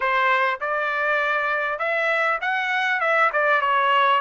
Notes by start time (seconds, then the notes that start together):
0.00 C5
0.60 D5
1.78 E5
2.41 F#5
3.00 E5
3.32 D5
3.61 C#5